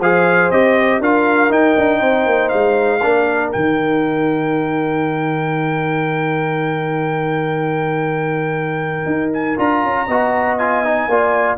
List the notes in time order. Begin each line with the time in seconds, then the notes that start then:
0.00 F3 G#4 C5 F5
0.51 C4 G4 D#5
1.00 D4 F4 A#4 F5
1.49 D#4 G5
1.78 D4
1.99 C4 C5
2.27 A#3
2.49 G#3 F5
3.03 A#3 D4 A#4
3.53 D#3 D#4 G5
9.06 D#4
9.34 G#5
9.57 D4 F4 A#5
9.84 C#4
10.06 B3 F#4 D#5
10.58 F4 G#5
10.85 D#4
11.07 A#3 F4 D5